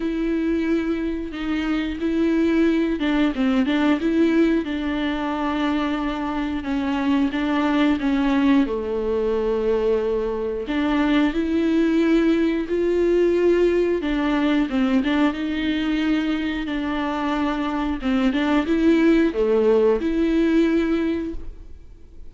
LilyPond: \new Staff \with { instrumentName = "viola" } { \time 4/4 \tempo 4 = 90 e'2 dis'4 e'4~ | e'8 d'8 c'8 d'8 e'4 d'4~ | d'2 cis'4 d'4 | cis'4 a2. |
d'4 e'2 f'4~ | f'4 d'4 c'8 d'8 dis'4~ | dis'4 d'2 c'8 d'8 | e'4 a4 e'2 | }